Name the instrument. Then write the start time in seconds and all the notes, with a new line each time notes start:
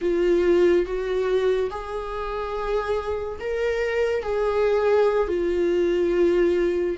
viola
0.01 F4
0.85 F#4
1.70 G#4
3.40 A#4
4.23 G#4
5.27 F4